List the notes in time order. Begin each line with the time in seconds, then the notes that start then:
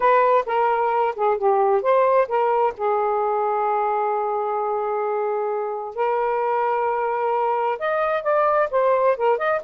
0.00 B4
0.46 A#4
1.15 G#4
1.37 G4
1.82 C5
2.28 A#4
2.77 G#4
5.95 A#4
7.78 D#5
8.22 D5
8.70 C5
9.16 A#4
9.38 D#5